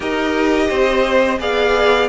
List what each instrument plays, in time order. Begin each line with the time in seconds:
0.00 cello D#4, viola G4, violin A#4 D#5
0.69 cello C4, violin C5
1.39 cello B3, viola G#4, violin D5 F5